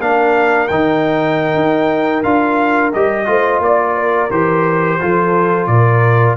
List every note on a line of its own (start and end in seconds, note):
0.00 0.69 A#3
0.00 0.69 D4
0.00 3.29 A#4
0.00 0.68 F5
0.68 1.55 D#3
0.68 2.24 D#4
0.68 2.23 G5
1.55 2.24 D#4
2.23 2.93 D4
2.23 2.93 F4
2.23 2.92 F5
2.93 3.28 G3
2.93 3.26 G4
2.93 3.62 D#5
3.26 3.59 A3
3.26 4.29 F4
3.26 3.62 C5
3.59 4.28 A#3
3.59 3.96 D5
3.59 4.31 D5
3.96 4.99 A#4
4.30 4.99 E3
4.30 5.00 G4
4.30 5.67 C5
5.00 5.67 F3
5.00 6.37 F4
5.00 5.71 A4
5.67 6.36 A#2
5.67 6.37 A#4
5.67 6.36 D5